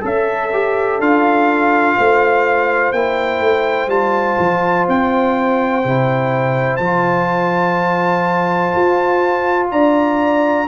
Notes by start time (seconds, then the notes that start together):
0.00 C#4 A4 E5
0.52 G4
0.99 D4 F4 F5
1.96 A3 C5
2.92 A#3 E4 G5
3.40 A3
3.87 G3 F4 A5
4.39 F3
4.88 C4 G5
5.83 C3 E4
6.76 F3 F4 A5
8.75 F4
9.71 D4 D5 A#5